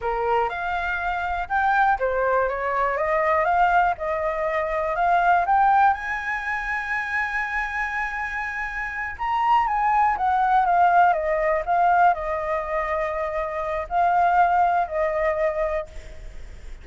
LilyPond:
\new Staff \with { instrumentName = "flute" } { \time 4/4 \tempo 4 = 121 ais'4 f''2 g''4 | c''4 cis''4 dis''4 f''4 | dis''2 f''4 g''4 | gis''1~ |
gis''2~ gis''8 ais''4 gis''8~ | gis''8 fis''4 f''4 dis''4 f''8~ | f''8 dis''2.~ dis''8 | f''2 dis''2 | }